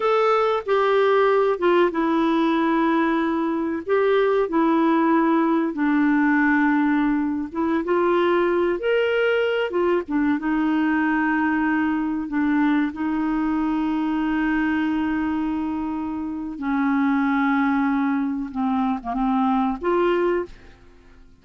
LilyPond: \new Staff \with { instrumentName = "clarinet" } { \time 4/4 \tempo 4 = 94 a'4 g'4. f'8 e'4~ | e'2 g'4 e'4~ | e'4 d'2~ d'8. e'16~ | e'16 f'4. ais'4. f'8 d'16~ |
d'16 dis'2. d'8.~ | d'16 dis'2.~ dis'8.~ | dis'2 cis'2~ | cis'4 c'8. ais16 c'4 f'4 | }